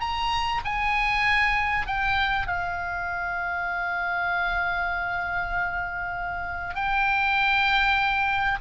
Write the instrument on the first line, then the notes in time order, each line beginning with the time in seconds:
oboe
0.00 A#5
0.64 G#5
1.86 G5
2.47 F5
6.75 G5